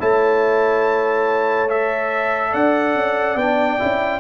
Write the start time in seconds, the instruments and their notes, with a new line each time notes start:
0.00 tuba A3, trombone E4, horn C#5, trumpet A5
1.70 trombone A4, trumpet E5
2.52 tuba D4, horn D5, trumpet F#5
2.96 tuba C#4
3.36 tuba B3, trombone D4, trumpet G5
3.79 tuba C#4, trombone E4